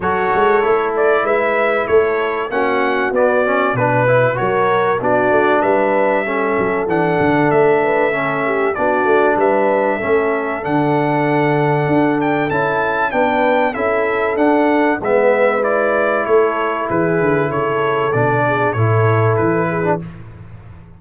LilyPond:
<<
  \new Staff \with { instrumentName = "trumpet" } { \time 4/4 \tempo 4 = 96 cis''4. d''8 e''4 cis''4 | fis''4 d''4 b'4 cis''4 | d''4 e''2 fis''4 | e''2 d''4 e''4~ |
e''4 fis''2~ fis''8 g''8 | a''4 g''4 e''4 fis''4 | e''4 d''4 cis''4 b'4 | cis''4 d''4 cis''4 b'4 | }
  \new Staff \with { instrumentName = "horn" } { \time 4/4 a'2 b'4 a'4 | fis'2 b'4 ais'4 | fis'4 b'4 a'2~ | a'8 b'8 a'8 g'8 fis'4 b'4 |
a'1~ | a'4 b'4 a'2 | b'2 a'4 gis'4 | a'4. gis'8 a'4. gis'8 | }
  \new Staff \with { instrumentName = "trombone" } { \time 4/4 fis'4 e'2. | cis'4 b8 cis'8 d'8 e'8 fis'4 | d'2 cis'4 d'4~ | d'4 cis'4 d'2 |
cis'4 d'2. | e'4 d'4 e'4 d'4 | b4 e'2.~ | e'4 d'4 e'4.~ e'16 d'16 | }
  \new Staff \with { instrumentName = "tuba" } { \time 4/4 fis8 gis8 a4 gis4 a4 | ais4 b4 b,4 fis4 | b8 a8 g4. fis8 e8 d8 | a2 b8 a8 g4 |
a4 d2 d'4 | cis'4 b4 cis'4 d'4 | gis2 a4 e8 d8 | cis4 b,4 a,4 e4 | }
>>